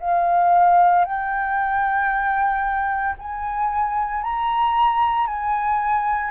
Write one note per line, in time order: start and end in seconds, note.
0.00 1.05 F5
1.05 3.16 G5
3.19 4.23 G#5
4.23 5.27 A#5
5.27 6.31 G#5